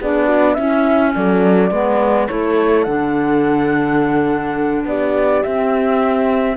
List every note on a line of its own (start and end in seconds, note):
0.00 0.57 B3
0.00 0.56 D4
0.00 0.25 G#4
0.00 0.54 D5
0.25 0.54 F#4
0.54 1.71 C#4
0.54 1.15 C#4
0.54 1.15 E4
0.54 1.11 E5
1.14 1.70 F#3
1.14 1.71 A4
1.14 2.27 D5
1.70 2.27 G#3
1.70 2.28 B3
1.70 2.28 B4
2.27 2.86 A3
2.27 2.85 E4
2.27 4.86 A4
2.27 2.83 C#5
2.83 4.84 D3
2.83 5.44 D4
2.83 4.83 F#5
4.84 5.41 B3
4.84 6.56 G4
4.84 5.43 D5
5.43 6.56 C4
5.43 6.56 E5